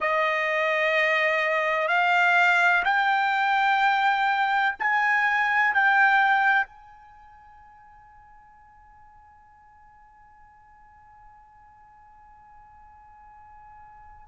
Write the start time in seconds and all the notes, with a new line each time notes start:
0.00 D#5
1.88 F5
2.84 G5
4.79 G#5
5.74 G5
6.66 G#5